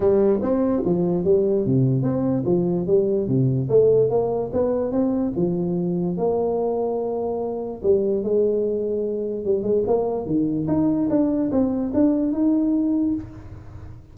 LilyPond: \new Staff \with { instrumentName = "tuba" } { \time 4/4 \tempo 4 = 146 g4 c'4 f4 g4 | c4 c'4 f4 g4 | c4 a4 ais4 b4 | c'4 f2 ais4~ |
ais2. g4 | gis2. g8 gis8 | ais4 dis4 dis'4 d'4 | c'4 d'4 dis'2 | }